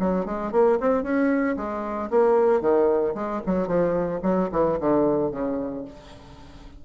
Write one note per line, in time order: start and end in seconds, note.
0.00 0.25 F#3
0.25 0.52 G#3
0.52 0.78 A#3
0.80 1.03 C4
1.03 1.56 C#4
1.57 2.10 G#3
2.10 2.61 A#3
2.61 3.14 D#3
3.14 3.41 G#3
3.46 3.67 F#3
3.67 4.20 F3
4.23 4.49 F#3
4.52 4.79 E3
4.80 5.31 D3
5.31 5.85 C#3